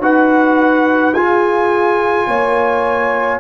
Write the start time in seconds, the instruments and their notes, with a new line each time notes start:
0.00 tuba D#4, trombone F#4, horn B4, trumpet F#5
1.13 tuba F4, trombone F4, horn G#4, trumpet G#5
2.28 tuba A#3, horn C#5